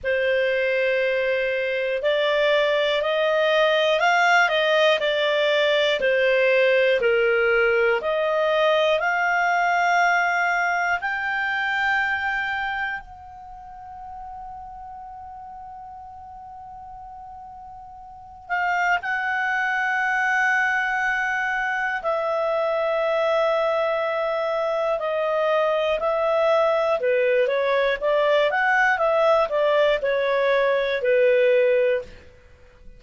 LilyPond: \new Staff \with { instrumentName = "clarinet" } { \time 4/4 \tempo 4 = 60 c''2 d''4 dis''4 | f''8 dis''8 d''4 c''4 ais'4 | dis''4 f''2 g''4~ | g''4 fis''2.~ |
fis''2~ fis''8 f''8 fis''4~ | fis''2 e''2~ | e''4 dis''4 e''4 b'8 cis''8 | d''8 fis''8 e''8 d''8 cis''4 b'4 | }